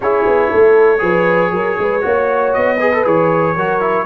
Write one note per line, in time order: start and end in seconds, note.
0.00 0.25 C#4
0.00 0.98 E4
0.00 0.50 G#4
0.00 2.53 C#5
0.26 0.51 B3
0.50 1.01 A3
0.50 1.01 A4
0.98 1.51 F3
0.98 2.00 G#4
0.98 1.52 B4
1.51 1.76 F#3
1.51 1.78 A#4
1.78 2.03 G#3
1.78 2.03 B4
2.01 2.55 A#3
2.01 2.77 F#4
2.01 2.79 C#5
2.53 3.05 B3
2.53 3.04 D#5
2.79 2.92 G#4
2.79 3.55 B4
2.93 3.04 A4
3.04 3.56 E3
3.04 3.55 G#4
3.04 4.06 C#5
3.55 4.06 F#3
3.55 3.80 F#4
3.55 4.06 A#4
3.80 4.06 E4